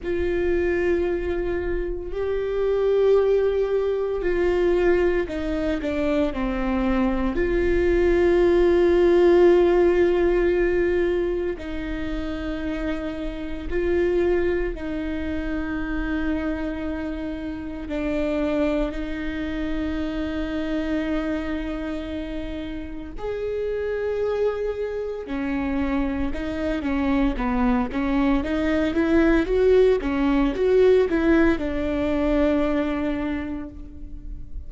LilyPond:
\new Staff \with { instrumentName = "viola" } { \time 4/4 \tempo 4 = 57 f'2 g'2 | f'4 dis'8 d'8 c'4 f'4~ | f'2. dis'4~ | dis'4 f'4 dis'2~ |
dis'4 d'4 dis'2~ | dis'2 gis'2 | cis'4 dis'8 cis'8 b8 cis'8 dis'8 e'8 | fis'8 cis'8 fis'8 e'8 d'2 | }